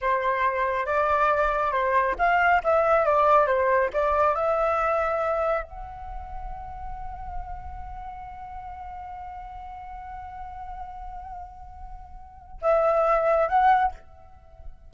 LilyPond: \new Staff \with { instrumentName = "flute" } { \time 4/4 \tempo 4 = 138 c''2 d''2 | c''4 f''4 e''4 d''4 | c''4 d''4 e''2~ | e''4 fis''2.~ |
fis''1~ | fis''1~ | fis''1~ | fis''4 e''2 fis''4 | }